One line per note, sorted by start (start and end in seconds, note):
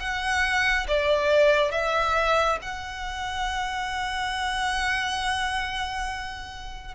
0.00 0.87 F#5
0.88 1.72 D5
1.72 2.59 E5
2.62 6.95 F#5